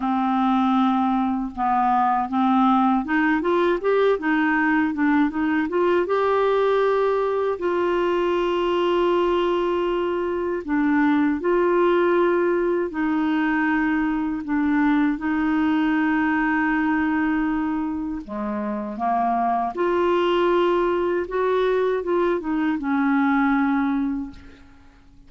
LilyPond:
\new Staff \with { instrumentName = "clarinet" } { \time 4/4 \tempo 4 = 79 c'2 b4 c'4 | dis'8 f'8 g'8 dis'4 d'8 dis'8 f'8 | g'2 f'2~ | f'2 d'4 f'4~ |
f'4 dis'2 d'4 | dis'1 | gis4 ais4 f'2 | fis'4 f'8 dis'8 cis'2 | }